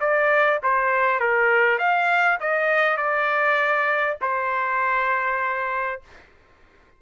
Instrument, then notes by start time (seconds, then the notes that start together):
trumpet
0.00 D5
0.63 C5
1.20 A#4
1.78 F5
2.40 D#5
2.97 D5
4.21 C5